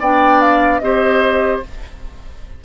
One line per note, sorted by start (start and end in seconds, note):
0.00 0.81 B3
0.00 0.82 D4
0.00 0.81 D5
0.00 0.42 G5
0.42 0.79 F5
0.79 1.62 C4
0.79 1.63 G4
0.79 1.65 C5
0.79 1.60 D#5